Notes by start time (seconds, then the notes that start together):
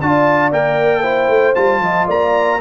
0.00 D4 F4 D5 A5
0.52 A#3 A#4 G5
1.02 E4 C5
1.29 A3
1.55 G3 F4 A5
1.80 F3 D#5
2.08 A#3 D5 A#5